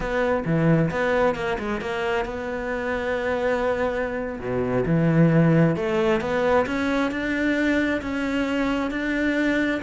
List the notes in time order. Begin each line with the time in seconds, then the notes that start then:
0.00 B3
0.45 E3
0.90 B3
1.35 A#3
1.58 G#3
1.80 A#3
2.25 B3
4.39 B2
4.85 E3
5.76 A3
6.21 B3
6.66 C#4
7.11 D4
8.01 C#4
8.91 D4